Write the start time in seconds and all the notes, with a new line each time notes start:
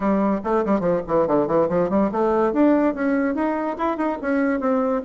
0.00 G3
0.43 A3
0.65 G3
0.80 F3
1.07 E3
1.27 D3
1.47 E3
1.68 F3
1.89 G3
2.11 A3
2.52 D4
2.94 C#4
3.34 D#4
3.78 E4
3.97 D#4
4.21 C#4
4.60 C4